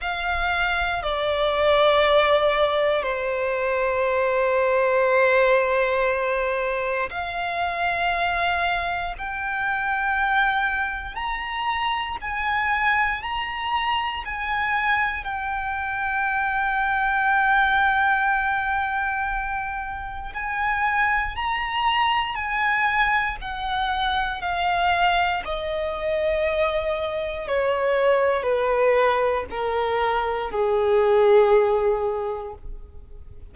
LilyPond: \new Staff \with { instrumentName = "violin" } { \time 4/4 \tempo 4 = 59 f''4 d''2 c''4~ | c''2. f''4~ | f''4 g''2 ais''4 | gis''4 ais''4 gis''4 g''4~ |
g''1 | gis''4 ais''4 gis''4 fis''4 | f''4 dis''2 cis''4 | b'4 ais'4 gis'2 | }